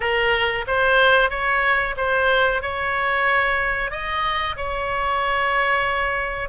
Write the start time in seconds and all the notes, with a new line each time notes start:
0.00 A#4
0.67 C5
1.30 C#5
1.96 C5
2.62 C#5
3.90 D#5
4.56 C#5